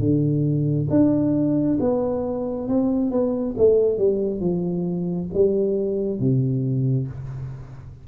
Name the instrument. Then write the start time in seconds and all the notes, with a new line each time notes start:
tuba
0.00 D3
0.90 D4
1.80 B3
2.68 C4
3.11 B3
3.58 A3
3.99 G3
4.41 F3
5.34 G3
6.20 C3